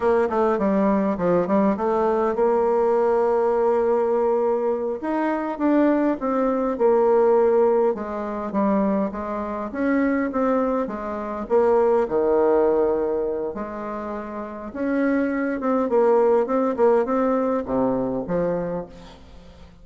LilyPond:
\new Staff \with { instrumentName = "bassoon" } { \time 4/4 \tempo 4 = 102 ais8 a8 g4 f8 g8 a4 | ais1~ | ais8 dis'4 d'4 c'4 ais8~ | ais4. gis4 g4 gis8~ |
gis8 cis'4 c'4 gis4 ais8~ | ais8 dis2~ dis8 gis4~ | gis4 cis'4. c'8 ais4 | c'8 ais8 c'4 c4 f4 | }